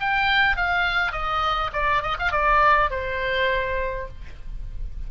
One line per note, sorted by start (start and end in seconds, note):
0.00 0.56 G5
0.56 1.12 F5
1.12 1.71 D#5
1.73 2.02 D5
2.02 2.17 D#5
2.19 2.32 F5
2.32 2.90 D5
2.90 4.08 C5